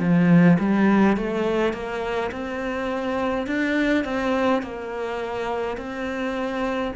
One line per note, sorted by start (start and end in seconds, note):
0.00 0.58 F3
0.60 1.17 G3
1.17 1.74 A3
1.74 2.31 A#3
2.32 3.47 C4
3.47 4.05 D4
4.05 4.63 C4
4.63 5.77 A#3
5.77 6.93 C4